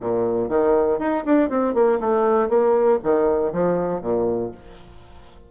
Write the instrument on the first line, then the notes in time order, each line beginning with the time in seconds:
bassoon
0.00 A#2
0.48 D#3
0.99 D#4
1.25 D4
1.49 C4
1.74 A#3
2.00 A3
2.48 A#3
3.03 D#3
3.52 F3
4.01 A#2